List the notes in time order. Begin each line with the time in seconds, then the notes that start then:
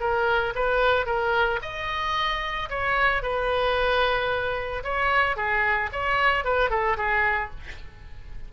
0.00 A#4
0.55 B4
1.06 A#4
1.62 D#5
2.70 C#5
3.22 B4
4.84 C#5
5.36 G#4
5.92 C#5
6.44 B4
6.70 A4
6.97 G#4